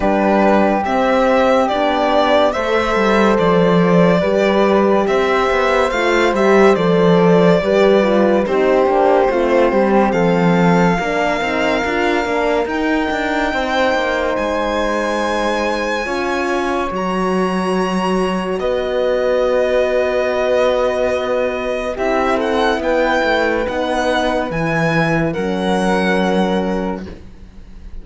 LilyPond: <<
  \new Staff \with { instrumentName = "violin" } { \time 4/4 \tempo 4 = 71 b'4 e''4 d''4 e''4 | d''2 e''4 f''8 e''8 | d''2 c''2 | f''2. g''4~ |
g''4 gis''2. | ais''2 dis''2~ | dis''2 e''8 fis''8 g''4 | fis''4 gis''4 fis''2 | }
  \new Staff \with { instrumentName = "flute" } { \time 4/4 g'2. c''4~ | c''4 b'4 c''2~ | c''4 b'4 g'4 f'8 g'8 | a'4 ais'2. |
c''2. cis''4~ | cis''2 b'2~ | b'2 g'8 a'8 b'4~ | b'2 ais'2 | }
  \new Staff \with { instrumentName = "horn" } { \time 4/4 d'4 c'4 d'4 a'4~ | a'4 g'2 f'8 g'8 | a'4 g'8 f'8 dis'8 d'8 c'4~ | c'4 d'8 dis'8 f'8 d'8 dis'4~ |
dis'2. f'4 | fis'1~ | fis'2 e'2 | dis'4 e'4 cis'2 | }
  \new Staff \with { instrumentName = "cello" } { \time 4/4 g4 c'4 b4 a8 g8 | f4 g4 c'8 b8 a8 g8 | f4 g4 c'8 ais8 a8 g8 | f4 ais8 c'8 d'8 ais8 dis'8 d'8 |
c'8 ais8 gis2 cis'4 | fis2 b2~ | b2 c'4 b8 a8 | b4 e4 fis2 | }
>>